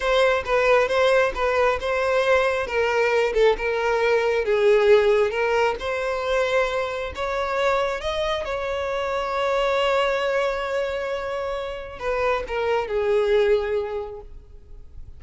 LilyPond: \new Staff \with { instrumentName = "violin" } { \time 4/4 \tempo 4 = 135 c''4 b'4 c''4 b'4 | c''2 ais'4. a'8 | ais'2 gis'2 | ais'4 c''2. |
cis''2 dis''4 cis''4~ | cis''1~ | cis''2. b'4 | ais'4 gis'2. | }